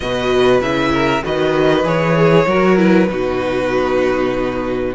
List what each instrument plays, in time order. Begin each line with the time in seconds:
0.00 cello B2, viola F#4, violin B4 D#5
0.60 cello C#3, viola E4, violin E5
0.92 violin A#4
1.22 cello D#3, viola F#4, violin B4 D#5
1.83 cello E3, viola G#4, violin C#5
2.17 violin G#4
2.46 cello F#3, viola F#4, violin A#4
2.76 viola E4, violin B4
3.10 cello B2, viola D#4, violin F#4